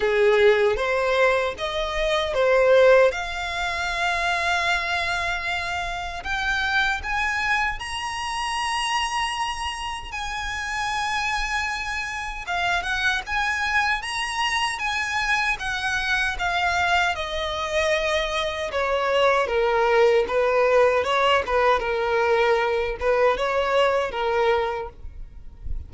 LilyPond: \new Staff \with { instrumentName = "violin" } { \time 4/4 \tempo 4 = 77 gis'4 c''4 dis''4 c''4 | f''1 | g''4 gis''4 ais''2~ | ais''4 gis''2. |
f''8 fis''8 gis''4 ais''4 gis''4 | fis''4 f''4 dis''2 | cis''4 ais'4 b'4 cis''8 b'8 | ais'4. b'8 cis''4 ais'4 | }